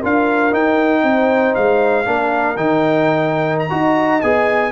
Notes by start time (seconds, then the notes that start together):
0.00 D4 F4 A#4 F5
0.52 D#4 G5
1.04 C4 C5
1.55 G#3 F5
2.06 A#3 D4 A#4
2.57 D#3 D#4 G5
3.60 A#5
3.70 D#4 F#4 D#5
4.22 B3 G#4 G#5